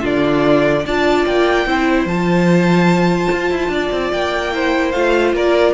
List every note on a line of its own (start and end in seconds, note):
0.00 0.85 D3
0.00 0.84 D4
0.00 0.82 F4
0.00 0.86 D5
0.85 1.25 D4
0.85 1.67 F4
0.85 1.67 D5
0.85 1.25 A5
1.25 1.66 A#3
1.25 2.07 G5
1.66 2.05 C4
1.66 2.08 E4
1.66 3.71 C5
2.05 3.27 F3
2.05 4.52 F4
2.05 4.11 A5
3.31 3.50 F4
3.50 3.68 E4
3.68 3.88 D4
3.68 4.53 D5
3.91 4.12 C4
4.11 4.93 A#3
4.11 4.91 G5
4.52 4.93 E4
4.52 5.35 C5
4.91 5.32 A3
4.91 5.73 F4
4.91 5.32 F5
5.32 5.73 A#3
5.32 5.73 A#4
5.32 5.73 D5